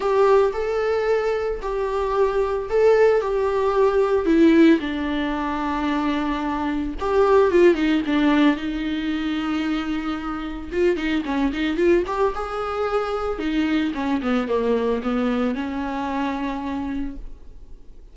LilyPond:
\new Staff \with { instrumentName = "viola" } { \time 4/4 \tempo 4 = 112 g'4 a'2 g'4~ | g'4 a'4 g'2 | e'4 d'2.~ | d'4 g'4 f'8 dis'8 d'4 |
dis'1 | f'8 dis'8 cis'8 dis'8 f'8 g'8 gis'4~ | gis'4 dis'4 cis'8 b8 ais4 | b4 cis'2. | }